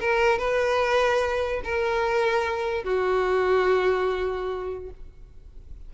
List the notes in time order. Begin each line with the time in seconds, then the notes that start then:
0.00 A#4
0.38 B4
1.64 A#4
2.84 F#4